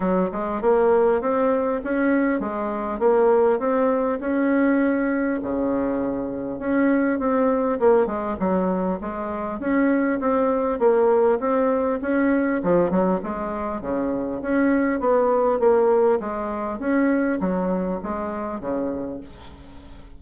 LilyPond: \new Staff \with { instrumentName = "bassoon" } { \time 4/4 \tempo 4 = 100 fis8 gis8 ais4 c'4 cis'4 | gis4 ais4 c'4 cis'4~ | cis'4 cis2 cis'4 | c'4 ais8 gis8 fis4 gis4 |
cis'4 c'4 ais4 c'4 | cis'4 f8 fis8 gis4 cis4 | cis'4 b4 ais4 gis4 | cis'4 fis4 gis4 cis4 | }